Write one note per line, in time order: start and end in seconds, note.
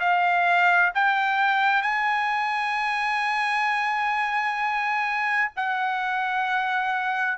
0.00 0.92 F5
0.95 1.83 G5
1.83 5.52 G#5
5.57 7.38 F#5